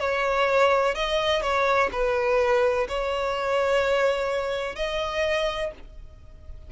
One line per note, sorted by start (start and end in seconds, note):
0.00 0.95 C#5
0.95 1.42 D#5
1.42 1.90 C#5
1.92 2.87 B4
2.89 4.76 C#5
4.76 5.71 D#5